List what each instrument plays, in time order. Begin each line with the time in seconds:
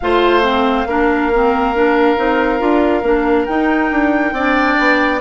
0.00 bassoon A3, clarinet F4, oboe C5, flute F5
0.43 clarinet C4
0.85 bassoon A#3, clarinet D4, oboe A#4
1.33 clarinet C4
1.74 clarinet D4
2.16 bassoon C4, clarinet D#4
2.59 bassoon D4, clarinet F4
3.02 bassoon A#3, clarinet D4
3.45 clarinet D#4, bassoon D#4, flute G5
3.91 bassoon D4
4.32 bassoon C4, clarinet D4, oboe D5
4.78 bassoon B3